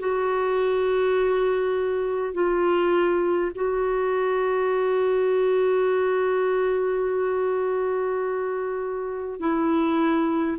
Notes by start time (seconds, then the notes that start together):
0.00 F#4
2.34 F4
3.56 F#4
9.40 E4